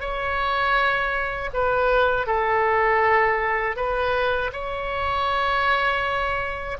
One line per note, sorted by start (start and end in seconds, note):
0.00 1.50 C#5
1.53 2.26 B4
2.26 3.76 A4
3.76 4.51 B4
4.52 6.77 C#5